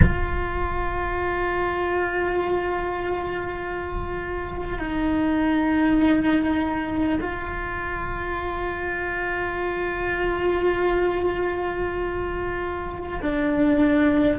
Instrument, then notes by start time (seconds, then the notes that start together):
cello
0.02 F4
4.78 D#4
7.20 F4
13.22 D4